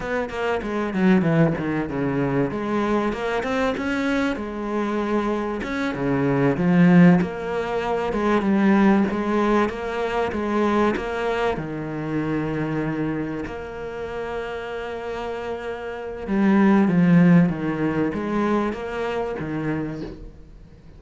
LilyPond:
\new Staff \with { instrumentName = "cello" } { \time 4/4 \tempo 4 = 96 b8 ais8 gis8 fis8 e8 dis8 cis4 | gis4 ais8 c'8 cis'4 gis4~ | gis4 cis'8 cis4 f4 ais8~ | ais4 gis8 g4 gis4 ais8~ |
ais8 gis4 ais4 dis4.~ | dis4. ais2~ ais8~ | ais2 g4 f4 | dis4 gis4 ais4 dis4 | }